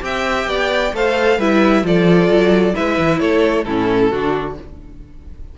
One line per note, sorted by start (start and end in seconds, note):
0.00 0.46 C4
0.00 0.91 G4
0.00 0.48 E5
0.00 0.95 G5
0.46 0.92 B3
0.46 0.94 D5
0.93 1.37 A3
0.93 1.40 A4
0.93 1.38 C5
0.93 1.40 F5
1.37 1.83 G3
1.37 1.84 E4
1.37 1.83 B4
1.37 1.85 E5
1.83 2.28 F3
1.83 2.73 F4
1.83 2.74 A4
1.83 2.75 D5
2.28 2.73 F#3
2.73 2.98 G#3
2.73 3.64 E4
2.73 3.19 B4
2.73 3.19 E5
2.98 3.20 E3
3.19 3.65 A3
3.19 3.65 A4
3.19 3.63 C#5
3.63 4.11 A2
3.63 4.12 C#4
3.63 4.11 E4
3.63 4.54 A4
4.11 4.57 D3
4.11 4.58 D4
4.11 4.56 F#4